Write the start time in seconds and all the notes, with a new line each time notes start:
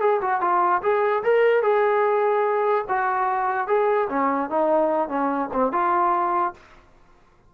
0.00 G#4
0.21 F#4
0.41 F4
0.82 G#4
1.23 A#4
1.63 G#4
2.88 F#4
3.67 G#4
4.09 C#4
4.50 D#4
5.09 C#4
5.53 C4
5.72 F4